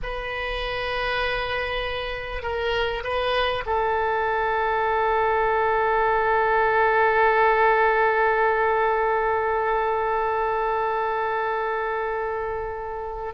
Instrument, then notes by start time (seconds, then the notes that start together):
oboe
0.02 B4
2.42 A#4
3.03 B4
3.66 A4